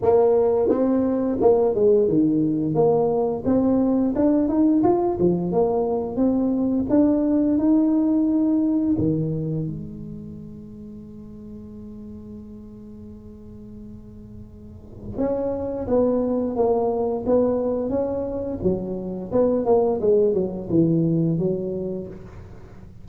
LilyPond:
\new Staff \with { instrumentName = "tuba" } { \time 4/4 \tempo 4 = 87 ais4 c'4 ais8 gis8 dis4 | ais4 c'4 d'8 dis'8 f'8 f8 | ais4 c'4 d'4 dis'4~ | dis'4 dis4 gis2~ |
gis1~ | gis2 cis'4 b4 | ais4 b4 cis'4 fis4 | b8 ais8 gis8 fis8 e4 fis4 | }